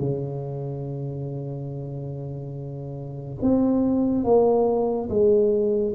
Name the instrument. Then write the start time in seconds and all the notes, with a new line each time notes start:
tuba
0.00 C#3
3.42 C4
4.24 A#3
5.10 G#3